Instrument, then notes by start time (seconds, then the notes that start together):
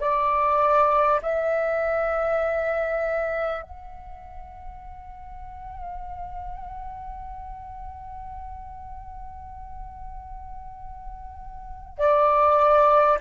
flute
0.00 D5
1.22 E5
3.62 F#5
11.98 D5